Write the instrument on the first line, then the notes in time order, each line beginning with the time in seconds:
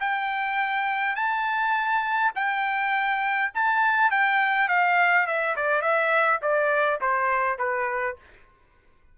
trumpet
0.00 G5
1.16 A5
2.35 G5
3.55 A5
4.11 G5
4.69 F5
5.27 E5
5.56 D5
5.82 E5
6.42 D5
7.01 C5
7.58 B4